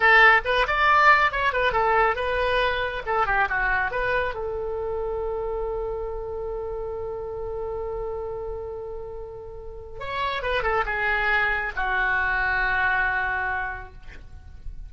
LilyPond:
\new Staff \with { instrumentName = "oboe" } { \time 4/4 \tempo 4 = 138 a'4 b'8 d''4. cis''8 b'8 | a'4 b'2 a'8 g'8 | fis'4 b'4 a'2~ | a'1~ |
a'1~ | a'2. cis''4 | b'8 a'8 gis'2 fis'4~ | fis'1 | }